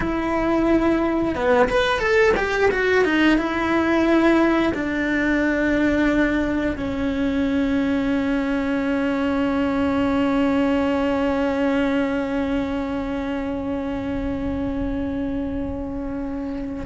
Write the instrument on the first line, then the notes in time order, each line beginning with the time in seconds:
cello
0.00 E4
1.35 B3
1.69 B4
1.99 A4
2.36 G4
2.71 F#4
3.04 D#4
3.38 E4
4.74 D4
6.76 C#4